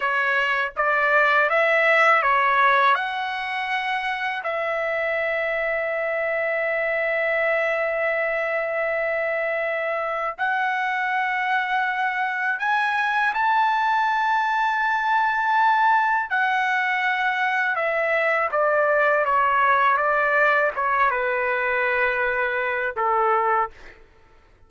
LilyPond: \new Staff \with { instrumentName = "trumpet" } { \time 4/4 \tempo 4 = 81 cis''4 d''4 e''4 cis''4 | fis''2 e''2~ | e''1~ | e''2 fis''2~ |
fis''4 gis''4 a''2~ | a''2 fis''2 | e''4 d''4 cis''4 d''4 | cis''8 b'2~ b'8 a'4 | }